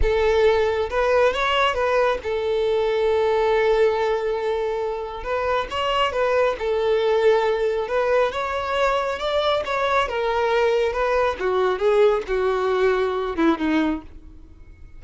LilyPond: \new Staff \with { instrumentName = "violin" } { \time 4/4 \tempo 4 = 137 a'2 b'4 cis''4 | b'4 a'2.~ | a'1 | b'4 cis''4 b'4 a'4~ |
a'2 b'4 cis''4~ | cis''4 d''4 cis''4 ais'4~ | ais'4 b'4 fis'4 gis'4 | fis'2~ fis'8 e'8 dis'4 | }